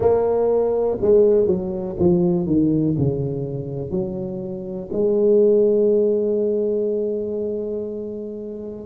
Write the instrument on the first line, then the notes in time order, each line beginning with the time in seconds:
tuba
0.00 A#3
1.01 G#3
1.47 F#3
1.99 F3
2.46 D#3
2.98 C#3
3.90 F#3
4.92 G#3